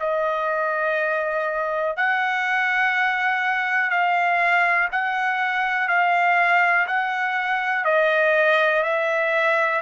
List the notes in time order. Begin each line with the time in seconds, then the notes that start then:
0.00 D#5
1.97 F#5
3.91 F5
4.92 F#5
5.88 F5
6.87 F#5
7.85 D#5
8.83 E5